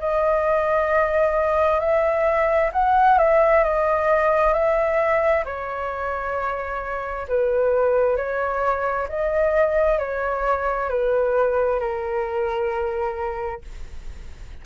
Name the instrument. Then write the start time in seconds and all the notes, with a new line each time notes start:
flute
0.00 D#5
1.80 E5
2.73 F#5
3.19 E5
3.64 D#5
4.54 E5
5.45 C#5
7.29 B4
8.17 C#5
9.09 D#5
9.99 C#5
10.90 B4
11.80 A#4